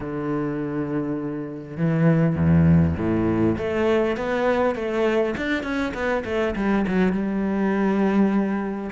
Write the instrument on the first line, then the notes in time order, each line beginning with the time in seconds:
cello
0.00 D3
1.77 E3
2.35 E2
2.97 A2
3.57 A3
4.16 B3
4.75 A3
5.37 D4
5.63 C#4
5.94 B3
6.25 A3
6.55 G3
6.87 F#3
7.12 G3